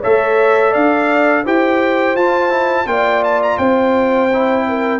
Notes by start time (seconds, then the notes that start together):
0.00 A3 A4 C#5 E5
0.71 D4 D5 F5
1.44 E4 G4 C5 G5
2.16 F4 A5
2.50 E4
2.87 A#3 F4 D5 G5
3.24 A5
3.43 A#5
3.58 C4 C5 G5
4.33 E4
4.68 A#4